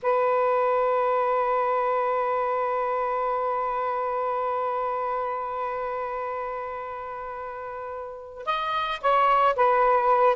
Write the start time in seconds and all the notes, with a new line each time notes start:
0.02 B4
8.46 D#5
9.01 C#5
9.56 B4